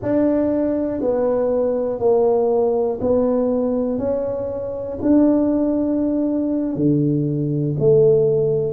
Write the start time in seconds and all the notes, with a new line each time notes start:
0.02 D4
1.00 B3
1.99 A#3
3.00 B3
3.98 C#4
5.01 D4
6.75 D3
7.79 A3